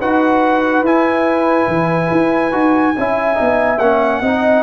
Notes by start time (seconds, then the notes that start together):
0.00 D#4 F#4 B4 F#5
0.82 E4 G#5
1.68 E3
2.11 E4
2.52 D#4 F#4
2.98 C#4 E4 E5
3.35 B3 D#4
3.79 A#3 C#4 F#5
4.22 C4 D#4 D#5